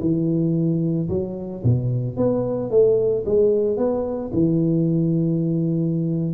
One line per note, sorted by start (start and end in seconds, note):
0.00 1.08 E3
1.09 1.63 F#3
1.63 2.17 B2
2.17 2.71 B3
2.71 3.25 A3
3.26 3.77 G#3
3.77 4.31 B3
4.33 6.34 E3